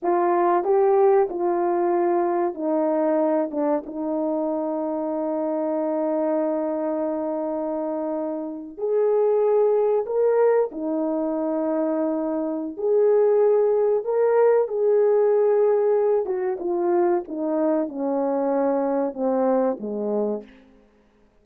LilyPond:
\new Staff \with { instrumentName = "horn" } { \time 4/4 \tempo 4 = 94 f'4 g'4 f'2 | dis'4. d'8 dis'2~ | dis'1~ | dis'4.~ dis'16 gis'2 ais'16~ |
ais'8. dis'2.~ dis'16 | gis'2 ais'4 gis'4~ | gis'4. fis'8 f'4 dis'4 | cis'2 c'4 gis4 | }